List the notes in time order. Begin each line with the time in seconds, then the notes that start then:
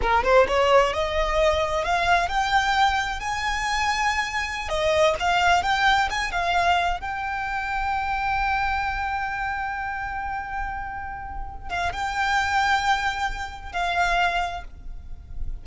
0.01 A#4
0.23 C5
0.47 C#5
0.93 D#5
1.84 F5
2.28 G5
3.19 G#5
4.68 D#5
5.19 F5
5.63 G5
6.10 G#5
6.31 F5
7.00 G5
11.69 F5
11.92 G5
13.72 F5